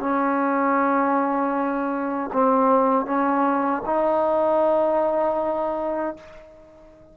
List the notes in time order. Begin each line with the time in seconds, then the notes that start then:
0.00 C#4
2.33 C4
3.06 C#4
3.86 D#4